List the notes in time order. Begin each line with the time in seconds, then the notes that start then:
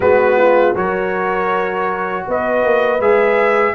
0.00 G#3 B3 F#4 B4
0.37 F4
0.74 F#3 F#4 A#4 C#5
2.27 B3 B4 D#5
2.64 A#3
3.00 G#3 G#4 E5